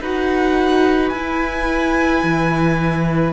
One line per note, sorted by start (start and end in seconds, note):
0.00 1.11 D#4
0.00 1.14 F#4
0.00 3.32 B4
0.00 1.08 F#5
1.08 2.22 E4
1.08 3.31 G#5
1.16 3.32 E4
2.22 3.32 E3